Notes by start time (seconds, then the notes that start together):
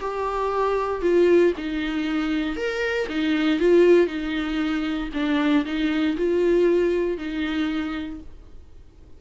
0.00 G4
1.01 F4
1.57 D#4
2.56 A#4
3.08 D#4
3.59 F4
4.06 D#4
5.13 D4
5.65 D#4
6.16 F4
7.17 D#4